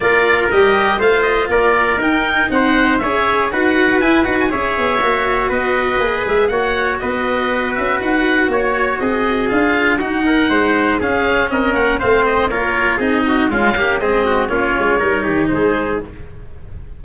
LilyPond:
<<
  \new Staff \with { instrumentName = "oboe" } { \time 4/4 \tempo 4 = 120 d''4 dis''4 f''8 dis''8 d''4 | g''4 fis''4 e''4 fis''4 | gis''8 fis''16 gis''16 e''2 dis''4~ | dis''8 e''8 fis''4 dis''4. e''8 |
fis''4 cis''4 dis''4 f''4 | fis''2 f''4 dis''8 fis''8 | f''8 dis''8 cis''4 dis''4 f''4 | dis''4 cis''2 c''4 | }
  \new Staff \with { instrumentName = "trumpet" } { \time 4/4 ais'2 c''4 ais'4~ | ais'4 c''4 cis''4 b'4~ | b'4 cis''2 b'4~ | b'4 cis''4 b'2~ |
b'4 cis''4 gis'2 | fis'8 ais'8 c''4 gis'4 ais'4 | c''4 ais'4 gis'8 fis'8 f'8 g'8 | gis'8 fis'8 f'4 ais'8 g'8 gis'4 | }
  \new Staff \with { instrumentName = "cello" } { \time 4/4 f'4 g'4 f'2 | dis'2 gis'4 fis'4 | e'8 fis'8 gis'4 fis'2 | gis'4 fis'2.~ |
fis'2. f'4 | dis'2 cis'2 | c'4 f'4 dis'4 gis8 ais8 | c'4 cis'4 dis'2 | }
  \new Staff \with { instrumentName = "tuba" } { \time 4/4 ais4 g4 a4 ais4 | dis'4 c'4 cis'4 dis'4 | e'8 dis'8 cis'8 b8 ais4 b4 | ais8 gis8 ais4 b4. cis'8 |
dis'4 ais4 c'4 d'4 | dis'4 gis4 cis'4 c'8 ais8 | a4 ais4 c'4 cis'4 | gis4 ais8 gis8 g8 dis8 gis4 | }
>>